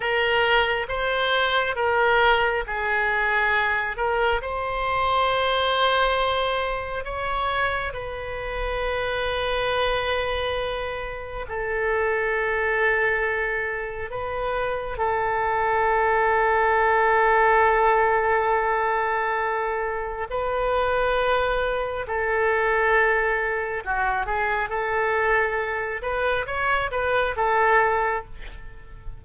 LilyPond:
\new Staff \with { instrumentName = "oboe" } { \time 4/4 \tempo 4 = 68 ais'4 c''4 ais'4 gis'4~ | gis'8 ais'8 c''2. | cis''4 b'2.~ | b'4 a'2. |
b'4 a'2.~ | a'2. b'4~ | b'4 a'2 fis'8 gis'8 | a'4. b'8 cis''8 b'8 a'4 | }